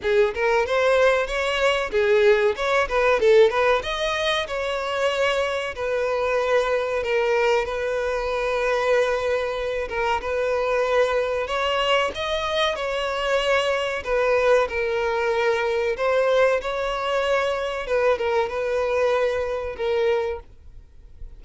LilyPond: \new Staff \with { instrumentName = "violin" } { \time 4/4 \tempo 4 = 94 gis'8 ais'8 c''4 cis''4 gis'4 | cis''8 b'8 a'8 b'8 dis''4 cis''4~ | cis''4 b'2 ais'4 | b'2.~ b'8 ais'8 |
b'2 cis''4 dis''4 | cis''2 b'4 ais'4~ | ais'4 c''4 cis''2 | b'8 ais'8 b'2 ais'4 | }